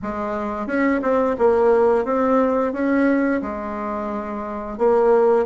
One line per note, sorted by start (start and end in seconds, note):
0.02 0.66 G#3
0.66 1.00 C#4
1.02 1.36 C4
1.38 2.04 A#3
2.04 2.72 C4
2.72 3.41 C#4
3.41 4.77 G#3
4.78 5.45 A#3